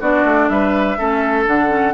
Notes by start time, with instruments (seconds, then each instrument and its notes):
0.00 bassoon B3, clarinet D4, oboe F#4, flute D5
0.24 bassoon A3
0.48 bassoon G3, oboe B4, flute E5
0.98 bassoon A3, clarinet C#4, oboe A4
1.45 bassoon D3, clarinet D4, flute F#5
1.68 clarinet C#4